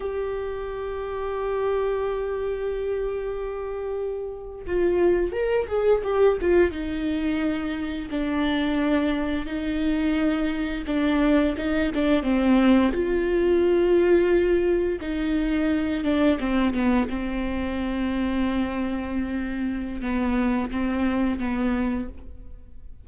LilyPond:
\new Staff \with { instrumentName = "viola" } { \time 4/4 \tempo 4 = 87 g'1~ | g'2~ g'8. f'4 ais'16~ | ais'16 gis'8 g'8 f'8 dis'2 d'16~ | d'4.~ d'16 dis'2 d'16~ |
d'8. dis'8 d'8 c'4 f'4~ f'16~ | f'4.~ f'16 dis'4. d'8 c'16~ | c'16 b8 c'2.~ c'16~ | c'4 b4 c'4 b4 | }